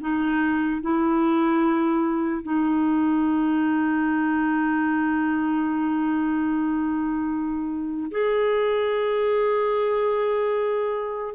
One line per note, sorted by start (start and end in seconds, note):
0.00 0.81 D#4
0.81 2.43 E4
2.43 8.10 D#4
8.11 11.34 G#4